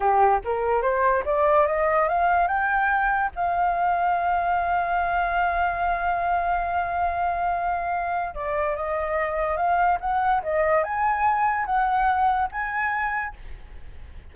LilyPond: \new Staff \with { instrumentName = "flute" } { \time 4/4 \tempo 4 = 144 g'4 ais'4 c''4 d''4 | dis''4 f''4 g''2 | f''1~ | f''1~ |
f''1 | d''4 dis''2 f''4 | fis''4 dis''4 gis''2 | fis''2 gis''2 | }